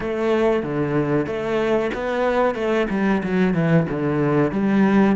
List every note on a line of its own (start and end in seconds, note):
0.00 0.62 A3
0.62 1.26 D3
1.26 1.91 A3
1.94 2.54 B3
2.54 2.87 A3
2.90 3.22 G3
3.23 3.54 F#3
3.54 3.86 E3
3.89 4.51 D3
4.51 5.16 G3